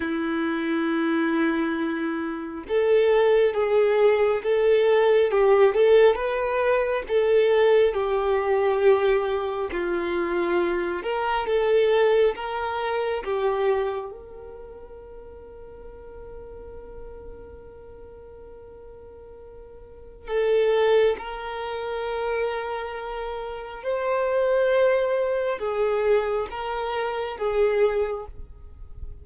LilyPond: \new Staff \with { instrumentName = "violin" } { \time 4/4 \tempo 4 = 68 e'2. a'4 | gis'4 a'4 g'8 a'8 b'4 | a'4 g'2 f'4~ | f'8 ais'8 a'4 ais'4 g'4 |
ais'1~ | ais'2. a'4 | ais'2. c''4~ | c''4 gis'4 ais'4 gis'4 | }